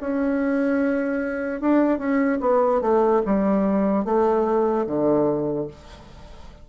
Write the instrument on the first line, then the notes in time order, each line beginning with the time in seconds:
bassoon
0.00 C#4
1.61 D4
1.98 C#4
2.40 B3
2.81 A3
3.25 G3
4.05 A3
4.86 D3